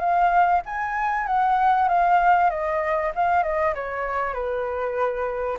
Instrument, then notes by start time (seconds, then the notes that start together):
flute
0.00 F5
0.65 G#5
1.27 F#5
1.89 F5
2.50 D#5
3.15 F5
3.43 D#5
3.75 C#5
4.34 B4